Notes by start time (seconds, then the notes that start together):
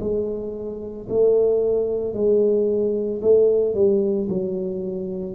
0.00 G#3
1.09 A3
2.14 G#3
3.21 A3
3.75 G3
4.29 F#3